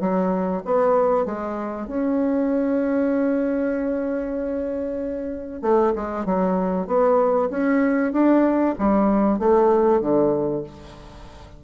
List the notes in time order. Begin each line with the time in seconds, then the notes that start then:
0.00 F#3
0.65 B3
1.25 G#3
1.87 C#4
5.61 A3
5.95 G#3
6.25 F#3
6.86 B3
7.50 C#4
8.12 D4
8.78 G3
9.39 A3
10.01 D3